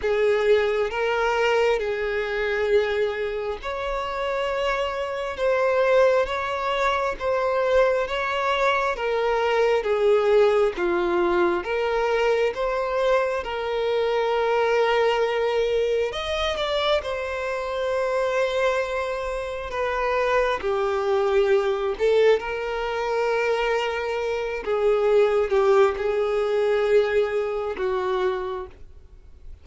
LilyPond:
\new Staff \with { instrumentName = "violin" } { \time 4/4 \tempo 4 = 67 gis'4 ais'4 gis'2 | cis''2 c''4 cis''4 | c''4 cis''4 ais'4 gis'4 | f'4 ais'4 c''4 ais'4~ |
ais'2 dis''8 d''8 c''4~ | c''2 b'4 g'4~ | g'8 a'8 ais'2~ ais'8 gis'8~ | gis'8 g'8 gis'2 fis'4 | }